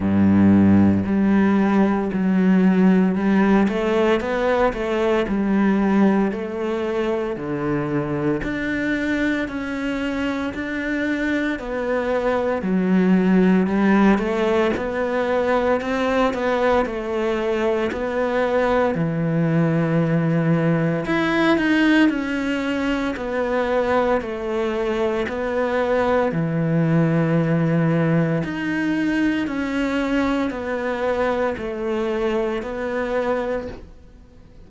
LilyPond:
\new Staff \with { instrumentName = "cello" } { \time 4/4 \tempo 4 = 57 g,4 g4 fis4 g8 a8 | b8 a8 g4 a4 d4 | d'4 cis'4 d'4 b4 | fis4 g8 a8 b4 c'8 b8 |
a4 b4 e2 | e'8 dis'8 cis'4 b4 a4 | b4 e2 dis'4 | cis'4 b4 a4 b4 | }